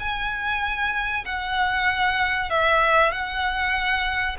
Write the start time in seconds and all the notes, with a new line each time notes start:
0.00 G#5
1.25 F#5
2.50 E5
3.12 F#5